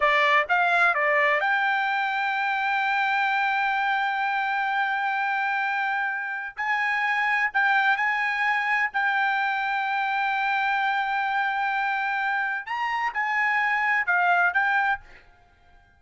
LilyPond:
\new Staff \with { instrumentName = "trumpet" } { \time 4/4 \tempo 4 = 128 d''4 f''4 d''4 g''4~ | g''1~ | g''1~ | g''2 gis''2 |
g''4 gis''2 g''4~ | g''1~ | g''2. ais''4 | gis''2 f''4 g''4 | }